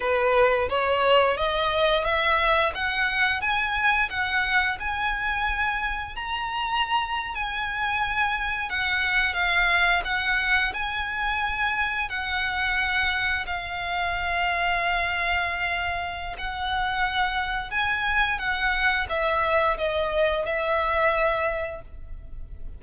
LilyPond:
\new Staff \with { instrumentName = "violin" } { \time 4/4 \tempo 4 = 88 b'4 cis''4 dis''4 e''4 | fis''4 gis''4 fis''4 gis''4~ | gis''4 ais''4.~ ais''16 gis''4~ gis''16~ | gis''8. fis''4 f''4 fis''4 gis''16~ |
gis''4.~ gis''16 fis''2 f''16~ | f''1 | fis''2 gis''4 fis''4 | e''4 dis''4 e''2 | }